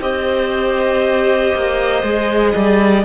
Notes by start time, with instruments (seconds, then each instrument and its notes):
0.00 cello C4, viola G4, clarinet C5, violin D#5
1.54 cello A#3
2.03 cello G#3, viola G#4
2.55 cello G3, clarinet D5